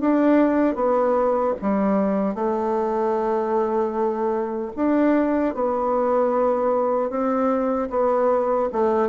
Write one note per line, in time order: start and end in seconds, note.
0.00 0.75 D4
0.75 1.54 B3
1.61 2.34 G3
2.34 4.71 A3
4.75 5.54 D4
5.54 7.09 B3
7.09 7.88 C4
7.90 8.69 B3
8.72 9.08 A3